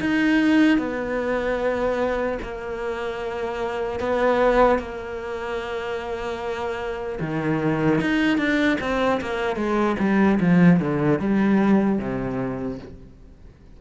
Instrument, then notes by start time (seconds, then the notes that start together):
cello
0.00 D#4
0.78 B3
2.42 A#3
4.00 B3
4.79 A#3
7.20 D#3
8.01 D#4
8.37 D4
8.80 C4
9.21 A#3
9.56 G#3
9.99 G3
10.40 F3
10.80 D3
11.19 G3
11.99 C3